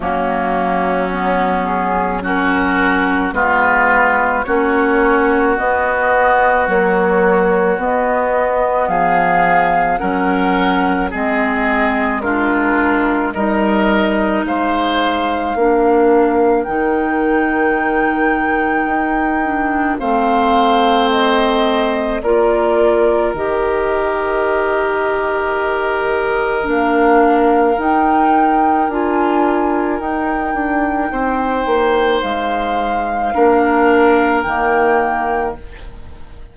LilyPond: <<
  \new Staff \with { instrumentName = "flute" } { \time 4/4 \tempo 4 = 54 fis'4. gis'8 ais'4 b'4 | cis''4 dis''4 cis''4 dis''4 | f''4 fis''4 dis''4 ais'4 | dis''4 f''2 g''4~ |
g''2 f''4 dis''4 | d''4 dis''2. | f''4 g''4 gis''4 g''4~ | g''4 f''2 g''4 | }
  \new Staff \with { instrumentName = "oboe" } { \time 4/4 cis'2 fis'4 f'4 | fis'1 | gis'4 ais'4 gis'4 f'4 | ais'4 c''4 ais'2~ |
ais'2 c''2 | ais'1~ | ais'1 | c''2 ais'2 | }
  \new Staff \with { instrumentName = "clarinet" } { \time 4/4 ais4 b4 cis'4 b4 | cis'4 b4 fis4 b4~ | b4 cis'4 c'4 d'4 | dis'2 d'4 dis'4~ |
dis'4. d'8 c'2 | f'4 g'2. | d'4 dis'4 f'4 dis'4~ | dis'2 d'4 ais4 | }
  \new Staff \with { instrumentName = "bassoon" } { \time 4/4 fis2. gis4 | ais4 b4 ais4 b4 | f4 fis4 gis2 | g4 gis4 ais4 dis4~ |
dis4 dis'4 a2 | ais4 dis2. | ais4 dis'4 d'4 dis'8 d'8 | c'8 ais8 gis4 ais4 dis4 | }
>>